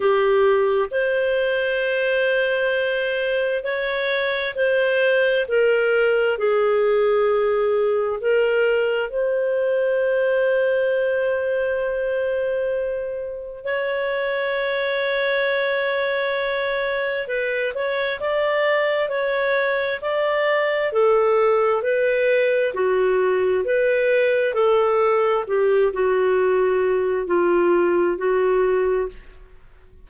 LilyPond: \new Staff \with { instrumentName = "clarinet" } { \time 4/4 \tempo 4 = 66 g'4 c''2. | cis''4 c''4 ais'4 gis'4~ | gis'4 ais'4 c''2~ | c''2. cis''4~ |
cis''2. b'8 cis''8 | d''4 cis''4 d''4 a'4 | b'4 fis'4 b'4 a'4 | g'8 fis'4. f'4 fis'4 | }